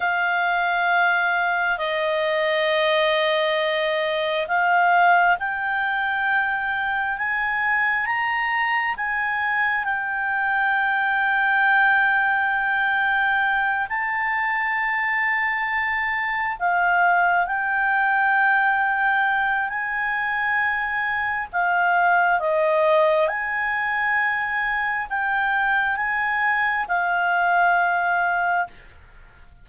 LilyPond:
\new Staff \with { instrumentName = "clarinet" } { \time 4/4 \tempo 4 = 67 f''2 dis''2~ | dis''4 f''4 g''2 | gis''4 ais''4 gis''4 g''4~ | g''2.~ g''8 a''8~ |
a''2~ a''8 f''4 g''8~ | g''2 gis''2 | f''4 dis''4 gis''2 | g''4 gis''4 f''2 | }